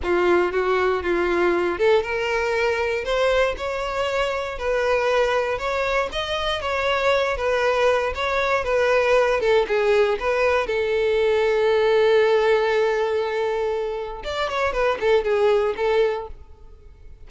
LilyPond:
\new Staff \with { instrumentName = "violin" } { \time 4/4 \tempo 4 = 118 f'4 fis'4 f'4. a'8 | ais'2 c''4 cis''4~ | cis''4 b'2 cis''4 | dis''4 cis''4. b'4. |
cis''4 b'4. a'8 gis'4 | b'4 a'2.~ | a'1 | d''8 cis''8 b'8 a'8 gis'4 a'4 | }